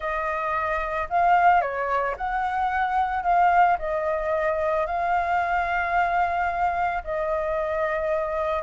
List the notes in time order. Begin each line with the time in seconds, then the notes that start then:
0.00 D#5
1.09 F5
1.61 C#5
2.17 F#5
3.23 F5
3.78 D#5
4.86 F5
7.04 D#5